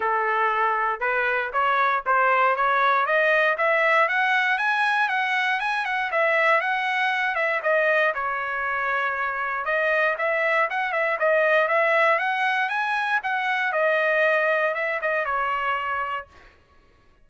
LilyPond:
\new Staff \with { instrumentName = "trumpet" } { \time 4/4 \tempo 4 = 118 a'2 b'4 cis''4 | c''4 cis''4 dis''4 e''4 | fis''4 gis''4 fis''4 gis''8 fis''8 | e''4 fis''4. e''8 dis''4 |
cis''2. dis''4 | e''4 fis''8 e''8 dis''4 e''4 | fis''4 gis''4 fis''4 dis''4~ | dis''4 e''8 dis''8 cis''2 | }